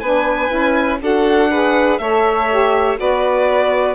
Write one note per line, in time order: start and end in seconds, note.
0.00 0.50 B3
0.00 0.49 D4
0.00 0.99 B4
0.00 0.98 G#5
0.49 1.00 C#4
0.49 0.98 E4
1.01 1.99 D4
1.01 1.50 F#4
1.01 1.51 A4
1.01 1.98 F#5
1.51 2.00 G#4
1.51 2.00 B4
1.98 2.98 A3
1.98 2.50 A4
1.98 2.99 C#5
1.98 2.97 E5
2.50 2.97 G4
2.97 3.95 B3
2.97 3.95 F#4
2.97 3.95 B4
2.97 3.95 D5